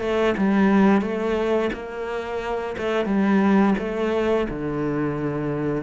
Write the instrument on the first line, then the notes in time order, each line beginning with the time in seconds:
cello
0.00 A3
0.37 G3
1.01 A3
1.73 A#3
2.77 A3
3.05 G3
3.78 A3
4.49 D3